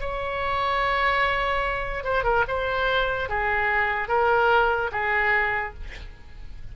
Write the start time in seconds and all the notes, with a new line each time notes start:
0.00 C#5
2.04 C5
2.24 A#4
2.48 C5
3.29 G#4
4.08 A#4
4.92 G#4